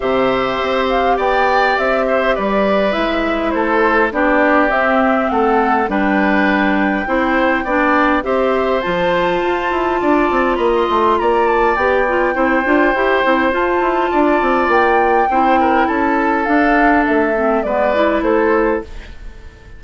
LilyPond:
<<
  \new Staff \with { instrumentName = "flute" } { \time 4/4 \tempo 4 = 102 e''4. f''8 g''4 e''4 | d''4 e''4 c''4 d''4 | e''4 fis''4 g''2~ | g''2 e''4 a''4~ |
a''2 b''16 c'''8. ais''8 a''8 | g''2. a''4~ | a''4 g''2 a''4 | f''4 e''4 d''4 c''4 | }
  \new Staff \with { instrumentName = "oboe" } { \time 4/4 c''2 d''4. c''8 | b'2 a'4 g'4~ | g'4 a'4 b'2 | c''4 d''4 c''2~ |
c''4 d''4 dis''4 d''4~ | d''4 c''2. | d''2 c''8 ais'8 a'4~ | a'2 b'4 a'4 | }
  \new Staff \with { instrumentName = "clarinet" } { \time 4/4 g'1~ | g'4 e'2 d'4 | c'2 d'2 | e'4 d'4 g'4 f'4~ |
f'1 | g'8 f'8 e'8 f'8 g'8 e'8 f'4~ | f'2 e'2 | d'4. c'8 b8 e'4. | }
  \new Staff \with { instrumentName = "bassoon" } { \time 4/4 c4 c'4 b4 c'4 | g4 gis4 a4 b4 | c'4 a4 g2 | c'4 b4 c'4 f4 |
f'8 e'8 d'8 c'8 ais8 a8 ais4 | b4 c'8 d'8 e'8 c'8 f'8 e'8 | d'8 c'8 ais4 c'4 cis'4 | d'4 a4 gis4 a4 | }
>>